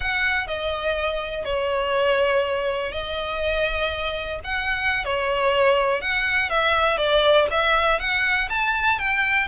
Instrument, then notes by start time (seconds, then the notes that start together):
violin
0.00 F#5
0.47 D#5
1.45 C#5
2.92 D#5
4.44 F#5
5.04 C#5
6.01 F#5
6.49 E5
6.97 D5
7.50 E5
7.99 F#5
8.49 A5
8.98 G5